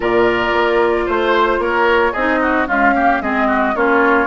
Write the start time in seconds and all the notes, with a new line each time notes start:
0.00 A#2 F4 A#4 D5
0.52 A#3
1.06 A3 C5
1.59 A#3 A#4 C#5
2.12 C4 D#4 G#4 D#5
2.41 F#4
2.67 G#3 C#4 F4 F5
2.95 A#3 G4
3.21 G#3 C4 G#4 D#5
3.47 F#4
3.74 A#3 C#4 F4 C#5